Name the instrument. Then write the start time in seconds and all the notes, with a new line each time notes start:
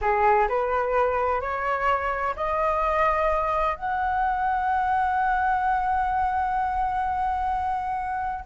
flute
0.01 G#4
0.48 B4
1.41 C#5
2.36 D#5
3.75 F#5